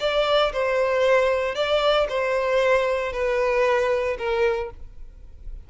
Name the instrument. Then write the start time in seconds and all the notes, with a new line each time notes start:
violin
0.00 D5
0.53 C5
1.55 D5
2.09 C5
3.13 B4
4.18 A#4